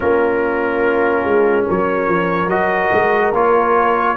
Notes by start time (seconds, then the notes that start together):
0.00 A#3 C#4 F4 A#4
1.24 G#3
1.65 F#3 A#4 C#5
2.07 F3
2.47 F#3 F#4 D#5
2.92 G#3
3.33 A#3 F4 C#5